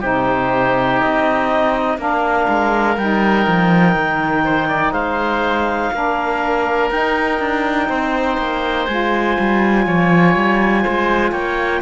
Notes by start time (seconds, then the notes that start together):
0.00 C3 D#4 G4 C5
0.99 C4 D#5
1.98 A#3 D4 A#4 F5
2.48 G#3
2.97 G3 D#4 G5
3.47 F3
3.95 D#3
4.44 C5
4.68 D5
4.91 G#3 C5 F5
5.92 A#3 D4 A#4
6.90 D#4 G5
7.39 D4
7.88 C4 C5
8.37 A#3
8.86 G#3 F4 G#5
9.39 G3
9.86 F3 C#5
10.35 G3
10.82 G#3 C5
11.31 A#3 C#5 G5